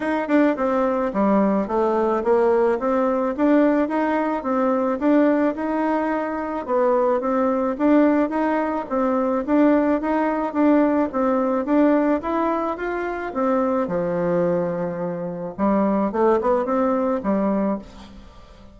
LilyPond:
\new Staff \with { instrumentName = "bassoon" } { \time 4/4 \tempo 4 = 108 dis'8 d'8 c'4 g4 a4 | ais4 c'4 d'4 dis'4 | c'4 d'4 dis'2 | b4 c'4 d'4 dis'4 |
c'4 d'4 dis'4 d'4 | c'4 d'4 e'4 f'4 | c'4 f2. | g4 a8 b8 c'4 g4 | }